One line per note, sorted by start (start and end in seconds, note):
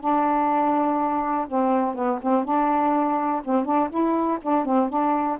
0.00 1.47 D4
1.48 1.94 C4
1.94 2.19 B3
2.22 2.44 C4
2.44 3.42 D4
3.44 3.65 C4
3.65 3.89 D4
3.89 4.38 E4
4.41 4.65 D4
4.65 4.89 C4
4.89 5.38 D4